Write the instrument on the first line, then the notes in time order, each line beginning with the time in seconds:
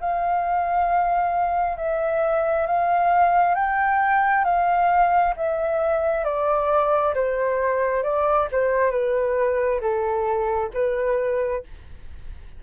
flute
0.00 F5
1.77 E5
2.66 F5
3.55 G5
4.44 F5
5.36 E5
6.24 D5
7.14 C5
8.03 D5
8.51 C5
8.91 B4
9.80 A4
10.73 B4